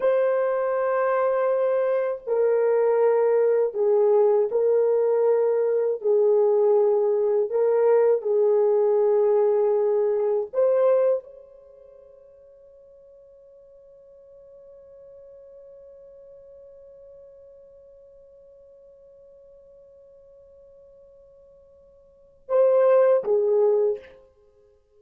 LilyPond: \new Staff \with { instrumentName = "horn" } { \time 4/4 \tempo 4 = 80 c''2. ais'4~ | ais'4 gis'4 ais'2 | gis'2 ais'4 gis'4~ | gis'2 c''4 cis''4~ |
cis''1~ | cis''1~ | cis''1~ | cis''2 c''4 gis'4 | }